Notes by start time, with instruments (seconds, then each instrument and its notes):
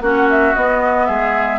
0.00 bassoon A#3, clarinet C#4, oboe F#4, flute F#5
0.30 flute E5
0.54 bassoon B3, clarinet B3, flute D#5
1.06 bassoon G#3, oboe G#4, flute E5